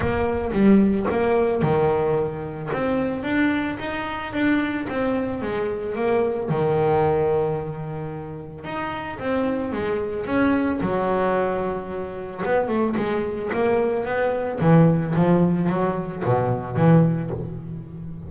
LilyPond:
\new Staff \with { instrumentName = "double bass" } { \time 4/4 \tempo 4 = 111 ais4 g4 ais4 dis4~ | dis4 c'4 d'4 dis'4 | d'4 c'4 gis4 ais4 | dis1 |
dis'4 c'4 gis4 cis'4 | fis2. b8 a8 | gis4 ais4 b4 e4 | f4 fis4 b,4 e4 | }